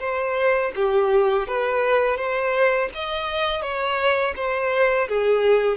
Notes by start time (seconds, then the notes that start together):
0.00 C5
0.76 G4
1.48 B4
2.17 C5
2.95 D#5
3.62 C#5
4.36 C5
5.09 G#4